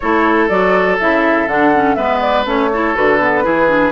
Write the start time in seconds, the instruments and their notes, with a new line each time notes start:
0.00 bassoon A3, clarinet E4, oboe A4, flute C#5
0.48 bassoon F#3, clarinet F#4, flute D5
0.99 bassoon C#3, clarinet E4, flute E5
1.47 bassoon D3, clarinet D4, flute F#5
1.74 clarinet C#4
1.94 bassoon G#3, clarinet B3, oboe B4, flute E5
2.20 flute D5
2.45 bassoon A3, clarinet C#4, flute C#5
2.73 clarinet E4, oboe A4
2.94 bassoon D3, clarinet F#4, flute B4
3.19 clarinet B3
3.43 bassoon E3, clarinet E4, oboe G#4
3.67 clarinet D4